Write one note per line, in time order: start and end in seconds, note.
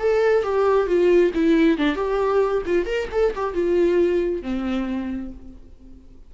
0.00 0.43 A4
0.43 0.87 G4
0.87 1.32 F4
1.35 1.78 E4
1.78 1.96 D4
1.96 2.63 G4
2.66 2.86 F4
2.86 3.09 A#4
3.12 3.34 A4
3.36 3.54 G4
3.54 4.43 F4
4.43 5.32 C4